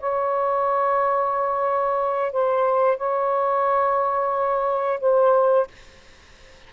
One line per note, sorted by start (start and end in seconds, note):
0.00 2.33 C#5
2.33 2.98 C5
2.98 5.00 C#5
5.00 5.68 C5